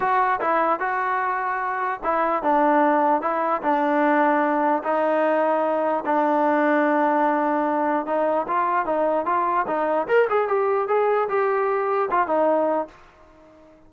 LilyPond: \new Staff \with { instrumentName = "trombone" } { \time 4/4 \tempo 4 = 149 fis'4 e'4 fis'2~ | fis'4 e'4 d'2 | e'4 d'2. | dis'2. d'4~ |
d'1 | dis'4 f'4 dis'4 f'4 | dis'4 ais'8 gis'8 g'4 gis'4 | g'2 f'8 dis'4. | }